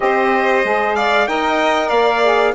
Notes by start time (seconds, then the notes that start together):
0.00 C4 G4 C5 D#5
0.63 G#3 G#4
0.95 D5 F5
1.27 D#4 A#4 D#5 G5
1.88 A#3 D5 F5
2.22 G#4